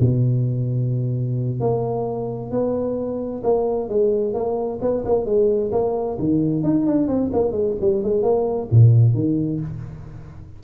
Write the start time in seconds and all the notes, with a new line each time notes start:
0.00 B2
1.61 A#3
2.51 B3
3.44 A#3
3.89 G#3
4.34 A#3
4.82 B3
5.05 A#3
5.26 G#3
5.72 A#3
6.19 D#3
6.63 D#4
6.86 D4
7.08 C4
7.33 A#3
7.52 G#3
7.81 G3
8.04 G#3
8.23 A#3
8.71 A#2
9.15 D#3